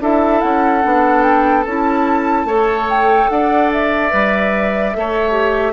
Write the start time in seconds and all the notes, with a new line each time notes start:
0.00 D4 E4 A4 E5
0.41 C#4 F#5
0.83 B3 D4
1.23 G5
1.64 C#4 E4 A5
2.45 A3 A4 C#5
2.90 G5
3.30 D4 D5 F#5
3.72 E5
4.10 G3 B4
4.93 A3 A4 C#5
5.31 G4